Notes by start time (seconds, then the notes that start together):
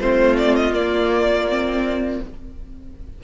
0.00 A3 C4 F4 C5
0.38 D5
0.56 D#5
0.71 A#3 D5
1.50 C4